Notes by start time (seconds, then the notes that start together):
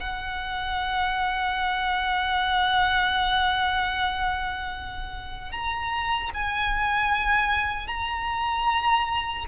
0.00 F#5
5.52 A#5
6.34 G#5
7.87 A#5